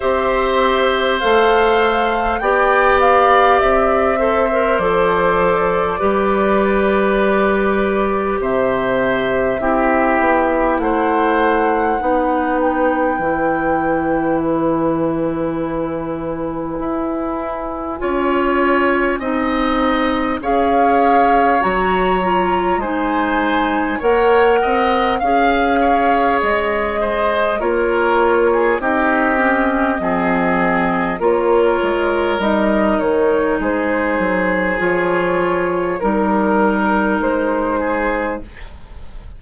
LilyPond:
<<
  \new Staff \with { instrumentName = "flute" } { \time 4/4 \tempo 4 = 50 e''4 f''4 g''8 f''8 e''4 | d''2. e''4~ | e''4 fis''4. g''4. | gis''1~ |
gis''4 f''4 ais''4 gis''4 | fis''4 f''4 dis''4 cis''4 | dis''2 cis''4 dis''8 cis''8 | c''4 cis''4 ais'4 c''4 | }
  \new Staff \with { instrumentName = "oboe" } { \time 4/4 c''2 d''4. c''8~ | c''4 b'2 c''4 | g'4 c''4 b'2~ | b'2. cis''4 |
dis''4 cis''2 c''4 | cis''8 dis''8 f''8 cis''4 c''8 ais'8. gis'16 | g'4 gis'4 ais'2 | gis'2 ais'4. gis'8 | }
  \new Staff \with { instrumentName = "clarinet" } { \time 4/4 g'4 a'4 g'4. a'16 ais'16 | a'4 g'2. | e'2 dis'4 e'4~ | e'2. f'4 |
dis'4 gis'4 fis'8 f'8 dis'4 | ais'4 gis'2 f'4 | dis'8 cis'8 c'4 f'4 dis'4~ | dis'4 f'4 dis'2 | }
  \new Staff \with { instrumentName = "bassoon" } { \time 4/4 c'4 a4 b4 c'4 | f4 g2 c4 | c'8 b8 a4 b4 e4~ | e2 e'4 cis'4 |
c'4 cis'4 fis4 gis4 | ais8 c'8 cis'4 gis4 ais4 | c'4 f4 ais8 gis8 g8 dis8 | gis8 fis8 f4 g4 gis4 | }
>>